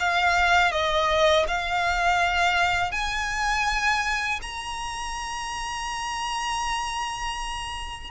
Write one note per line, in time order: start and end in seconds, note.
0.00 0.72 F5
0.72 1.46 D#5
1.48 2.92 F5
2.92 4.40 G#5
4.42 8.11 A#5